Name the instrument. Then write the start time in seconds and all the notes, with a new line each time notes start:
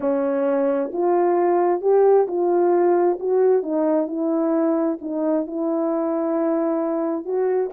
horn
0.00 C#4
0.93 F4
1.81 G4
2.27 F4
3.19 F#4
3.62 D#4
4.07 E4
5.01 D#4
5.46 E4
7.25 F#4